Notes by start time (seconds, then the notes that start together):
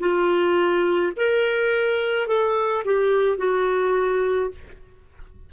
0.00 F4
1.16 A#4
2.27 A4
2.85 G4
3.38 F#4